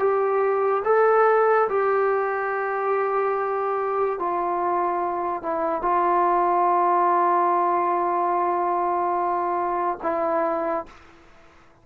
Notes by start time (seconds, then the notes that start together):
0.00 G4
0.85 A4
1.69 G4
4.20 F4
5.43 E4
5.82 F4
10.03 E4